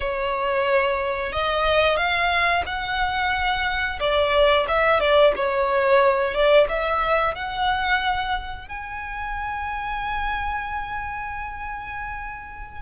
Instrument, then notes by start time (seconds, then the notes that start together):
violin
0.00 C#5
1.32 D#5
1.96 F5
2.65 F#5
3.99 D5
4.68 E5
5.00 D5
5.36 C#5
6.33 D5
6.68 E5
7.34 F#5
8.68 G#5